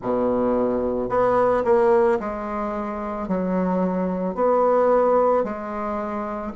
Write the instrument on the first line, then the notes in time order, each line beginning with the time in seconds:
bassoon
0.01 B2
1.09 B3
1.64 A#3
2.19 G#3
3.27 F#3
4.34 B3
5.43 G#3